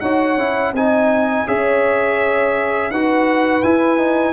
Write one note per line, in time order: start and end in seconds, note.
0.00 0.37 D#4
0.00 0.38 F#4
0.00 0.72 C#5
0.00 0.72 F#5
0.37 0.72 C#4
0.37 0.75 E4
0.72 1.44 C4
0.72 1.47 D#4
0.72 1.48 D#5
0.72 1.47 G#5
1.47 2.90 C#4
1.47 2.91 G#4
1.47 2.91 C#5
1.47 2.91 E5
2.90 3.63 D#4
2.90 3.63 F#4
2.90 4.33 B4
2.90 3.62 F#5
3.62 3.97 E4
3.62 4.33 E4
3.62 4.33 G#5
3.97 4.33 D#4